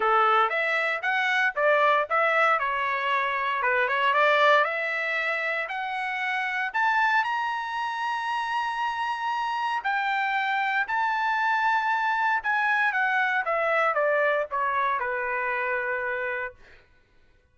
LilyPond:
\new Staff \with { instrumentName = "trumpet" } { \time 4/4 \tempo 4 = 116 a'4 e''4 fis''4 d''4 | e''4 cis''2 b'8 cis''8 | d''4 e''2 fis''4~ | fis''4 a''4 ais''2~ |
ais''2. g''4~ | g''4 a''2. | gis''4 fis''4 e''4 d''4 | cis''4 b'2. | }